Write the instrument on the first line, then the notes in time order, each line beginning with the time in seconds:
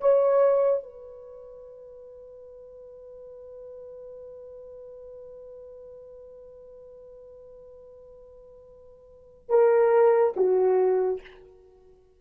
horn
0.00 C#5
0.83 B4
9.49 A#4
10.36 F#4